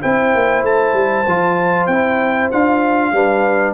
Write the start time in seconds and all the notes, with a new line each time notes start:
0.00 C4 E4 C5 G5
0.34 A#3
0.63 A3 A5
0.93 G3
1.27 F3 F4
1.86 C4 E4 G5
2.51 D4 F4 F5
3.12 G3 D4 B4